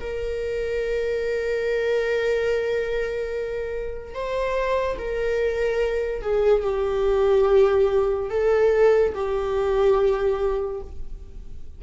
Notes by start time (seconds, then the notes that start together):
0.00 A#4
4.15 C5
4.98 A#4
6.22 G#4
6.64 G4
8.30 A4
9.15 G4